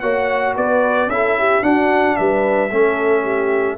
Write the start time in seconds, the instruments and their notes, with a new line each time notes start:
0.00 tuba A#3, trombone F#4, horn C#5, trumpet F#5
0.56 tuba B3, horn B4, trumpet D5
1.07 tuba C#4, trombone E4, horn A4, trumpet E5
1.38 horn G4
1.62 trombone D4, tuba D4, horn F#4, trumpet F#5
2.16 tuba G3, horn B4, trumpet E5
2.71 tuba A3, trombone C#4, horn A4
3.22 horn G4